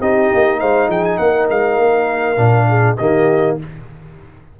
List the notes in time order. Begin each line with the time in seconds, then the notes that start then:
0.00 C4 D#4 G4 D#5
0.34 A#3
0.59 G#3 C5 F5
0.88 F3 G#4 G5
1.04 G#5
1.17 A#3 A#4 F#5
1.50 G#3 F5
1.77 A#3
2.36 A#2 D4
2.68 G#4
2.97 D#3 A#3 G4 D#5